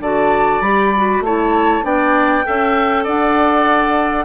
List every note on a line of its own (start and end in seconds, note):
0.00 0.61 D3
0.00 0.64 F#4
0.00 1.23 D5
0.00 0.62 A5
0.61 1.20 G3
0.61 0.94 G4
0.61 1.22 B5
0.97 1.25 F#4
1.20 1.81 A3
1.20 1.83 E4
1.20 1.85 C#5
1.20 1.85 A5
1.83 2.44 B3
1.83 2.43 D4
1.83 2.45 D5
1.83 3.06 G5
2.45 3.07 C#4
2.45 4.25 A4
2.45 3.04 E5
3.04 4.25 D4
3.04 4.25 D5
3.04 4.25 F#5